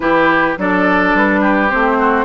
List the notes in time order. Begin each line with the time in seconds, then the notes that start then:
0.00 E3 E4 G4 B4
0.57 F#3 D4 A4 D5
1.14 G3 B4
1.40 G4
1.69 A3 C4 C5
1.99 F#4